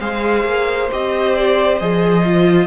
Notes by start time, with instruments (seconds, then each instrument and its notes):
0.00 cello G#3, viola G#4, violin C5 F5
0.44 cello A#3
0.91 cello C4, viola G4, violin D#5
1.35 violin D5
1.78 cello F3, viola G#4, violin D#5
2.25 viola F4